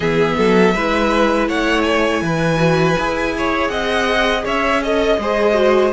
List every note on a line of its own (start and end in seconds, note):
0.00 0.34 E3
0.00 0.75 B3
0.00 0.36 G#4
0.00 1.47 E5
0.37 0.74 F#3
0.37 0.74 A4
0.74 1.48 G#3
0.74 2.56 E4
0.74 1.48 B4
1.48 2.21 A3
1.48 2.22 C#5
1.48 1.82 F#5
1.82 3.67 G#5
2.21 2.95 E3
2.21 3.35 B4
2.56 2.93 F#4
2.98 3.69 E4
2.98 4.81 G#4
3.37 3.71 C#5
3.68 4.43 C4
3.68 4.44 D#5
3.68 4.42 F#5
4.44 5.18 C#4
4.44 4.81 C#5
4.44 4.83 E5
4.81 5.19 A4
4.81 5.19 D#5
4.81 5.92 D#5
5.18 5.92 G#3
5.18 5.54 G#4
5.18 5.92 C5
5.54 5.91 F#4